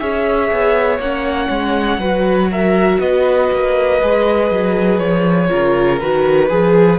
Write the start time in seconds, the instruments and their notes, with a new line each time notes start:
0.00 cello C#4, viola G#4, violin C#5 E5
0.52 cello B3
0.99 cello A#3, viola C#4, violin F#5
1.50 cello G#3
1.98 cello F#3, viola F#4, violin B4
2.51 violin A#4 E5
3.00 cello B3, violin B4 D#5
3.52 cello A#3
4.01 cello G#3, viola G#4
4.51 cello F#3
5.00 cello F3, violin C#5
5.50 cello C#3, viola F4, violin A#4
6.01 cello D#3, viola F#4, violin B4
6.49 cello F3, viola G#4, violin G#4